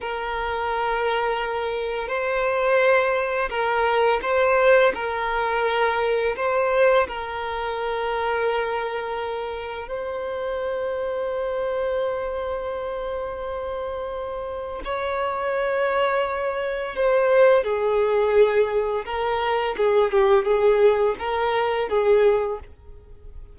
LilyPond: \new Staff \with { instrumentName = "violin" } { \time 4/4 \tempo 4 = 85 ais'2. c''4~ | c''4 ais'4 c''4 ais'4~ | ais'4 c''4 ais'2~ | ais'2 c''2~ |
c''1~ | c''4 cis''2. | c''4 gis'2 ais'4 | gis'8 g'8 gis'4 ais'4 gis'4 | }